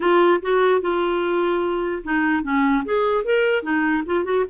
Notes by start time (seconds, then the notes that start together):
0.00 F4
0.42 F#4
0.81 F4
2.04 D#4
2.43 C#4
2.85 G#4
3.24 A#4
3.62 D#4
4.06 F4
4.24 F#4